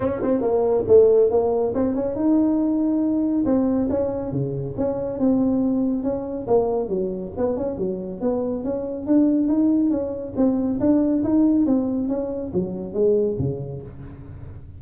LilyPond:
\new Staff \with { instrumentName = "tuba" } { \time 4/4 \tempo 4 = 139 cis'8 c'8 ais4 a4 ais4 | c'8 cis'8 dis'2. | c'4 cis'4 cis4 cis'4 | c'2 cis'4 ais4 |
fis4 b8 cis'8 fis4 b4 | cis'4 d'4 dis'4 cis'4 | c'4 d'4 dis'4 c'4 | cis'4 fis4 gis4 cis4 | }